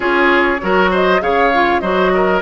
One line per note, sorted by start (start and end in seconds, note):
0.00 0.60 C#4
0.00 0.58 F4
0.00 0.61 G#4
0.00 0.91 C#5
0.61 1.21 F#3
0.61 1.20 F#4
0.61 0.90 A#4
0.90 1.21 C5
0.90 1.21 D#5
1.20 1.81 C#3
1.20 1.50 G#4
1.20 1.81 C#5
1.20 1.80 F5
1.53 1.82 F4
1.80 2.41 F#3
1.80 2.41 F#4
1.80 2.11 C5
1.80 2.40 D#5
2.14 2.41 A#4